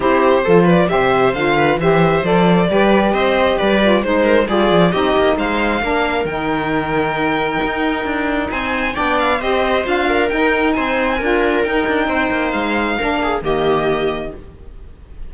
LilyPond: <<
  \new Staff \with { instrumentName = "violin" } { \time 4/4 \tempo 4 = 134 c''4. d''8 e''4 f''4 | e''4 d''2 dis''4 | d''4 c''4 d''4 dis''4 | f''2 g''2~ |
g''2. gis''4 | g''8 f''8 dis''4 f''4 g''4 | gis''2 g''2 | f''2 dis''2 | }
  \new Staff \with { instrumentName = "viola" } { \time 4/4 g'4 a'8 b'8 c''4. b'8 | c''2 b'4 c''4 | b'4 c''8 ais'8 gis'4 g'4 | c''4 ais'2.~ |
ais'2. c''4 | d''4 c''4. ais'4. | c''4 ais'2 c''4~ | c''4 ais'8 gis'8 g'2 | }
  \new Staff \with { instrumentName = "saxophone" } { \time 4/4 e'4 f'4 g'4 f'4 | g'4 a'4 g'2~ | g'8 f'8 dis'4 f'4 dis'4~ | dis'4 d'4 dis'2~ |
dis'1 | d'4 g'4 f'4 dis'4~ | dis'4 f'4 dis'2~ | dis'4 d'4 ais2 | }
  \new Staff \with { instrumentName = "cello" } { \time 4/4 c'4 f4 c4 d4 | e4 f4 g4 c'4 | g4 gis4 g8 f8 c'8 ais8 | gis4 ais4 dis2~ |
dis4 dis'4 d'4 c'4 | b4 c'4 d'4 dis'4 | c'4 d'4 dis'8 d'8 c'8 ais8 | gis4 ais4 dis2 | }
>>